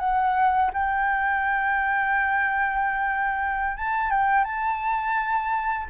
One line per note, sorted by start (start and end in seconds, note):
0.00 0.71 F#5
0.74 3.77 G5
3.77 4.11 A5
4.11 4.44 G5
4.44 5.87 A5